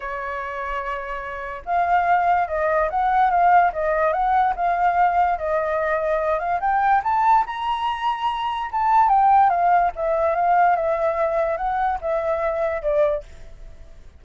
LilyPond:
\new Staff \with { instrumentName = "flute" } { \time 4/4 \tempo 4 = 145 cis''1 | f''2 dis''4 fis''4 | f''4 dis''4 fis''4 f''4~ | f''4 dis''2~ dis''8 f''8 |
g''4 a''4 ais''2~ | ais''4 a''4 g''4 f''4 | e''4 f''4 e''2 | fis''4 e''2 d''4 | }